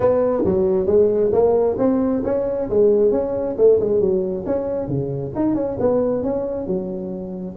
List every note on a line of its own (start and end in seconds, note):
0.00 0.43 B3
0.44 0.86 F#3
0.86 1.30 G#3
1.32 1.76 A#3
1.78 2.22 C4
2.24 2.69 C#4
2.69 3.11 G#3
3.11 3.55 C#4
3.57 3.79 A3
3.80 4.00 G#3
4.00 4.44 F#3
4.46 4.87 C#4
4.87 5.32 C#3
5.35 5.54 D#4
5.54 5.77 C#4
5.79 6.23 B3
6.23 6.66 C#4
6.66 7.55 F#3